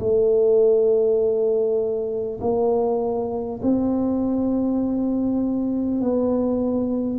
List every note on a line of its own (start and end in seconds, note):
0.00 2.40 A3
2.41 3.61 A#3
3.63 6.01 C4
6.01 7.19 B3